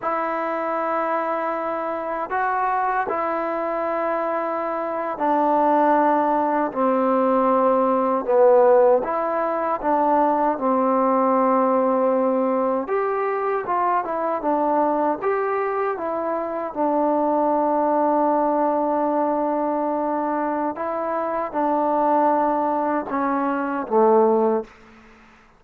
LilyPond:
\new Staff \with { instrumentName = "trombone" } { \time 4/4 \tempo 4 = 78 e'2. fis'4 | e'2~ e'8. d'4~ d'16~ | d'8. c'2 b4 e'16~ | e'8. d'4 c'2~ c'16~ |
c'8. g'4 f'8 e'8 d'4 g'16~ | g'8. e'4 d'2~ d'16~ | d'2. e'4 | d'2 cis'4 a4 | }